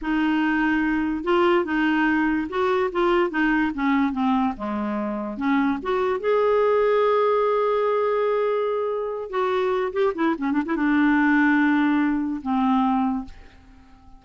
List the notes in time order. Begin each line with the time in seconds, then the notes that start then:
0.01 D#4
1.24 F4
1.64 D#4
2.49 F#4
2.92 F4
3.30 D#4
3.74 C#4
4.12 C4
4.56 G#3
5.37 C#4
5.82 F#4
6.20 G#4
9.30 F#4
9.92 G4
10.14 E4
10.37 C#4
10.52 D4
10.65 E4
10.75 D4
12.42 C4